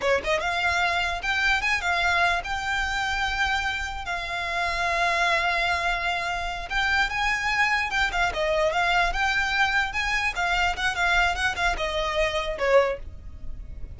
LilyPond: \new Staff \with { instrumentName = "violin" } { \time 4/4 \tempo 4 = 148 cis''8 dis''8 f''2 g''4 | gis''8 f''4. g''2~ | g''2 f''2~ | f''1~ |
f''8 g''4 gis''2 g''8 | f''8 dis''4 f''4 g''4.~ | g''8 gis''4 f''4 fis''8 f''4 | fis''8 f''8 dis''2 cis''4 | }